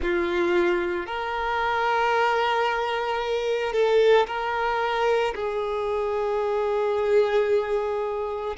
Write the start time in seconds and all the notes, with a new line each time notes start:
0.01 F4
1.06 A#4
3.73 A4
4.27 A#4
5.34 G#4